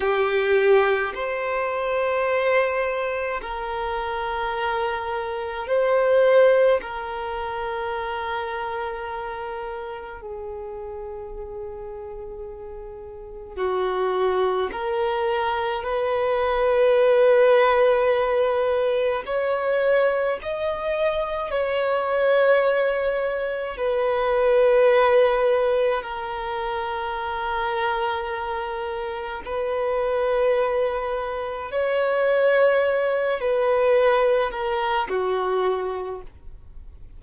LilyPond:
\new Staff \with { instrumentName = "violin" } { \time 4/4 \tempo 4 = 53 g'4 c''2 ais'4~ | ais'4 c''4 ais'2~ | ais'4 gis'2. | fis'4 ais'4 b'2~ |
b'4 cis''4 dis''4 cis''4~ | cis''4 b'2 ais'4~ | ais'2 b'2 | cis''4. b'4 ais'8 fis'4 | }